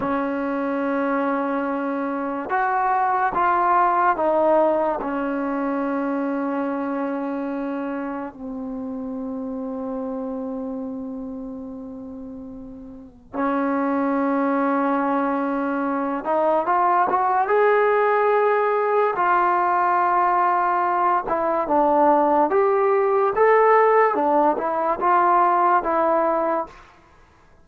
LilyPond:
\new Staff \with { instrumentName = "trombone" } { \time 4/4 \tempo 4 = 72 cis'2. fis'4 | f'4 dis'4 cis'2~ | cis'2 c'2~ | c'1 |
cis'2.~ cis'8 dis'8 | f'8 fis'8 gis'2 f'4~ | f'4. e'8 d'4 g'4 | a'4 d'8 e'8 f'4 e'4 | }